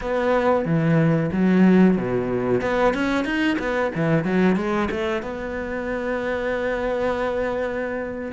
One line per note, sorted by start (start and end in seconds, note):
0.01 0.65 B3
0.65 1.30 E3
1.32 1.97 F#3
1.97 2.61 B2
2.61 2.93 B3
2.93 3.24 C#4
3.24 3.57 D#4
3.59 3.91 B3
3.95 4.24 E3
4.24 4.56 F#3
4.56 4.88 G#3
4.90 5.22 A3
5.22 8.32 B3